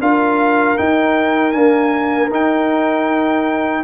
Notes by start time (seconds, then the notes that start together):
0.00 D4 F4 A#4 F5
0.77 D#4 G5
1.52 A#3 D4 G#5
2.30 D#4 G5